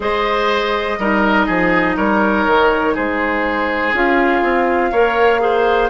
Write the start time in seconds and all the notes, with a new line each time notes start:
0.00 G#3 G#4 C5 D#5
0.98 G3 D#4 A#4
1.46 F3 G#4
1.97 G3 A#4 C#5
2.46 D#3
2.94 G#3 G#4 C5
3.92 C#4 F4 F5
4.42 C4
4.91 A#3 A#4 C#5
5.40 G#4 C5